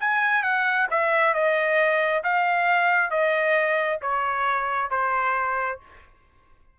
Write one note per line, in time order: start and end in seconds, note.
0.00 0.43 G#5
0.43 0.87 F#5
0.91 1.34 E5
1.34 2.23 D#5
2.24 3.11 F5
3.11 3.99 D#5
4.02 4.91 C#5
4.91 5.79 C5